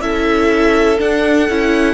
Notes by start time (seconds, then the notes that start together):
0.00 C#4 E4 A4 E5
0.98 D4 F#5
1.49 C#4 E4